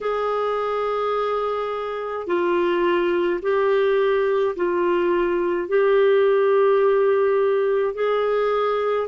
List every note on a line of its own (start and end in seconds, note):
0.00 2.26 G#4
2.26 3.40 F4
3.42 4.55 G4
4.55 5.68 F4
5.68 7.94 G4
7.94 9.07 G#4